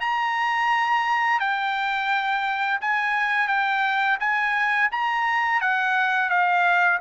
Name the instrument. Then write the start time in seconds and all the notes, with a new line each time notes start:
trumpet
0.00 A#5
1.40 G5
2.81 G#5
3.48 G5
4.19 G#5
4.91 A#5
5.61 F#5
6.29 F5